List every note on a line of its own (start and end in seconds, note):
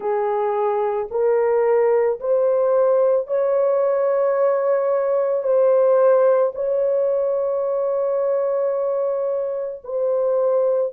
0.00 1.08 G#4
1.10 2.19 A#4
2.20 3.27 C5
3.27 5.42 C#5
5.42 6.52 C5
6.55 9.82 C#5
9.83 10.92 C5